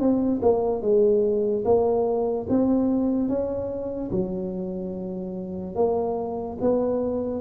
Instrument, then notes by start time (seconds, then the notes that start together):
tuba
0.00 C4
0.42 A#3
0.82 G#3
1.65 A#3
2.49 C4
3.29 C#4
4.11 F#3
5.76 A#3
6.61 B3